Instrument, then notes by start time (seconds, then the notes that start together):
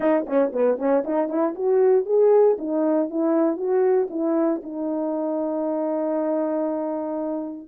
horn
0.00 D#4
0.26 C#4
0.52 B3
0.77 C#4
1.04 D#4
1.28 E4
1.54 F#4
2.05 G#4
2.58 D#4
3.10 E4
3.56 F#4
4.10 E4
4.63 D#4